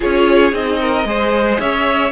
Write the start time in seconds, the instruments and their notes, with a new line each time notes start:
0.00 cello C#4, viola F4, violin G#4 C#5
0.52 cello C4, viola D#4, violin D#5
0.81 violin A#4
1.04 cello G#3, viola G#4, violin C5
1.59 cello C#4, violin C#5 E5